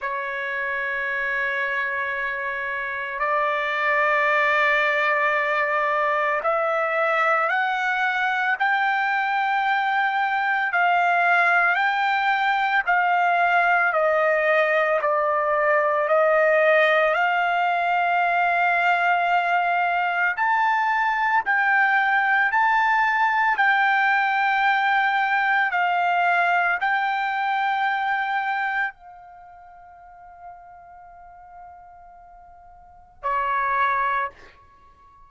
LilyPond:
\new Staff \with { instrumentName = "trumpet" } { \time 4/4 \tempo 4 = 56 cis''2. d''4~ | d''2 e''4 fis''4 | g''2 f''4 g''4 | f''4 dis''4 d''4 dis''4 |
f''2. a''4 | g''4 a''4 g''2 | f''4 g''2 f''4~ | f''2. cis''4 | }